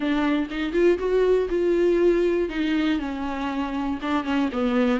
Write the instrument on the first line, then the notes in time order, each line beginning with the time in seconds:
viola
0.00 D4
0.50 D#4
0.72 F4
0.98 F#4
1.49 F4
2.49 D#4
2.99 C#4
4.01 D4
4.24 C#4
4.52 B3